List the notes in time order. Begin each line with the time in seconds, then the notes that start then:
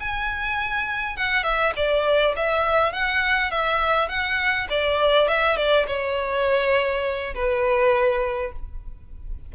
0.00 G#5
1.17 F#5
1.44 E5
1.77 D5
2.37 E5
2.93 F#5
3.52 E5
4.09 F#5
4.70 D5
5.29 E5
5.57 D5
5.87 C#5
7.35 B4